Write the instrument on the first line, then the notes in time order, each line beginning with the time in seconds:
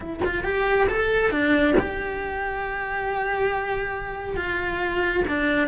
cello
0.00 E4
0.24 F4
0.43 G4
0.88 A4
1.30 D4
1.79 G4
4.36 F4
5.28 D4